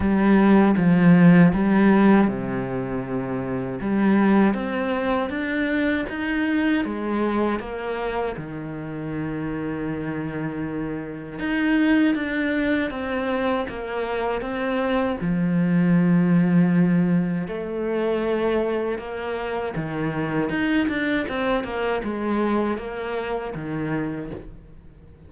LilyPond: \new Staff \with { instrumentName = "cello" } { \time 4/4 \tempo 4 = 79 g4 f4 g4 c4~ | c4 g4 c'4 d'4 | dis'4 gis4 ais4 dis4~ | dis2. dis'4 |
d'4 c'4 ais4 c'4 | f2. a4~ | a4 ais4 dis4 dis'8 d'8 | c'8 ais8 gis4 ais4 dis4 | }